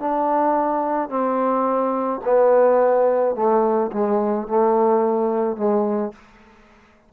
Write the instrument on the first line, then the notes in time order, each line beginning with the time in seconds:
trombone
0.00 D4
1.10 C4
2.25 B3
3.36 A3
3.92 G#3
4.48 A3
5.57 G#3